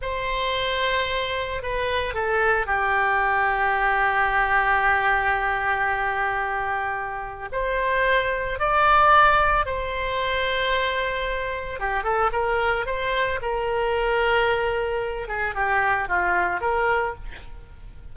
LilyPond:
\new Staff \with { instrumentName = "oboe" } { \time 4/4 \tempo 4 = 112 c''2. b'4 | a'4 g'2.~ | g'1~ | g'2 c''2 |
d''2 c''2~ | c''2 g'8 a'8 ais'4 | c''4 ais'2.~ | ais'8 gis'8 g'4 f'4 ais'4 | }